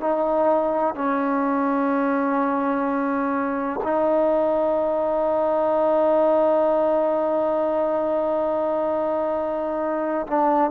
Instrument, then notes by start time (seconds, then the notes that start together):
trombone
0.00 D#4
0.94 C#4
3.83 D#4
10.26 D4